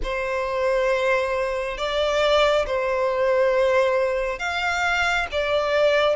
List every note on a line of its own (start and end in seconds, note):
0.03 1.77 C5
1.77 2.65 D5
2.66 4.38 C5
4.38 5.27 F5
5.31 6.16 D5